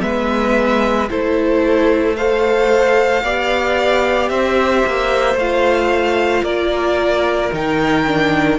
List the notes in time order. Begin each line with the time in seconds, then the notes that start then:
0.00 G#3 B3 B4 E5
1.10 A3 E4 A4 C5
2.16 A4 C5 F5
3.23 B3 G4 D5
4.29 C4 C5 E5
4.86 A#3
5.35 A3 F4 F5
6.43 A#3 A#4 D5
7.52 D#3 D#4 G5
8.07 D4